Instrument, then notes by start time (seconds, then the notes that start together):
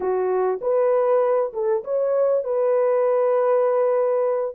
horn
0.00 F#4
0.61 B4
1.53 A4
1.84 C#5
2.44 B4